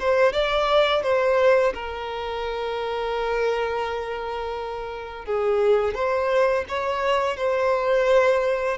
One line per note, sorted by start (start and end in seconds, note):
0.00 0.33 C5
0.33 1.03 D5
1.03 1.74 C5
1.74 5.26 A#4
5.26 5.95 G#4
5.95 6.65 C5
6.69 7.37 C#5
7.37 8.78 C5